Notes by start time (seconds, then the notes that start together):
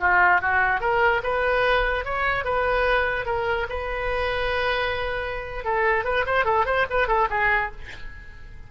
0.00 F4
0.41 F#4
0.80 A#4
1.23 B4
2.05 C#5
2.44 B4
3.26 A#4
3.69 B4
5.64 A4
6.04 B4
6.26 C5
6.45 A4
6.66 C5
6.90 B4
7.08 A4
7.30 G#4